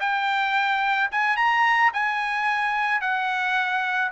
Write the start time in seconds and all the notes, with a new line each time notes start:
0.00 G5
1.11 G#5
1.36 A#5
1.93 G#5
3.01 F#5